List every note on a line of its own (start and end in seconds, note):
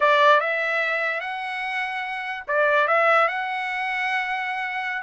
0.00 0.40 D5
0.40 1.20 E5
1.20 2.43 F#5
2.47 2.87 D5
2.87 3.28 E5
3.28 5.02 F#5